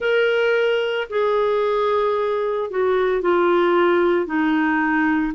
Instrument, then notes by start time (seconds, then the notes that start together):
clarinet
0.00 A#4
1.10 G#4
2.70 F#4
3.21 F4
4.26 D#4